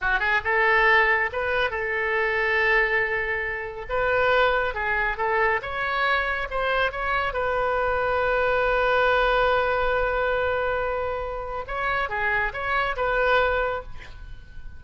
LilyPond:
\new Staff \with { instrumentName = "oboe" } { \time 4/4 \tempo 4 = 139 fis'8 gis'8 a'2 b'4 | a'1~ | a'4 b'2 gis'4 | a'4 cis''2 c''4 |
cis''4 b'2.~ | b'1~ | b'2. cis''4 | gis'4 cis''4 b'2 | }